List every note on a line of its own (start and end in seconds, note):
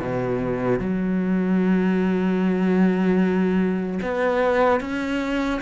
0.00 0.79 B2
0.79 3.99 F#3
4.02 4.80 B3
4.80 5.60 C#4